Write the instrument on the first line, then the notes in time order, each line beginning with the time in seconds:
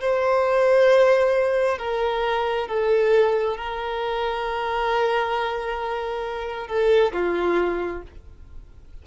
violin
0.00 C5
1.78 A#4
2.67 A4
3.57 A#4
6.67 A4
7.12 F4